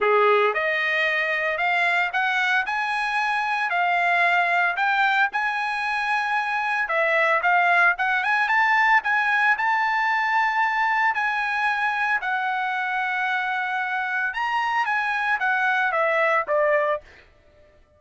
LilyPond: \new Staff \with { instrumentName = "trumpet" } { \time 4/4 \tempo 4 = 113 gis'4 dis''2 f''4 | fis''4 gis''2 f''4~ | f''4 g''4 gis''2~ | gis''4 e''4 f''4 fis''8 gis''8 |
a''4 gis''4 a''2~ | a''4 gis''2 fis''4~ | fis''2. ais''4 | gis''4 fis''4 e''4 d''4 | }